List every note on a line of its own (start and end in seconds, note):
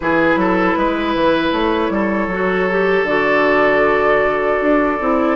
0.00 0.35 E3
0.00 2.31 E4
0.00 0.39 G#4
0.00 1.51 B4
0.35 0.74 F#3
0.35 0.78 A4
0.76 1.14 G#3
0.76 1.92 B4
1.14 1.52 E3
1.52 1.89 A3
1.52 3.06 C#5
1.89 2.27 G3
1.89 5.36 A4
2.27 3.03 F#3
2.27 2.70 F#4
2.70 3.06 G4
3.03 4.57 D3
3.03 4.99 F#4
3.03 5.36 D5
4.61 4.99 D4
5.00 5.36 C4
5.00 5.36 E4